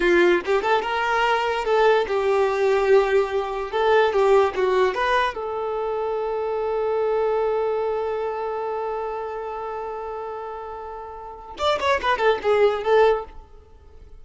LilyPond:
\new Staff \with { instrumentName = "violin" } { \time 4/4 \tempo 4 = 145 f'4 g'8 a'8 ais'2 | a'4 g'2.~ | g'4 a'4 g'4 fis'4 | b'4 a'2.~ |
a'1~ | a'1~ | a'1 | d''8 cis''8 b'8 a'8 gis'4 a'4 | }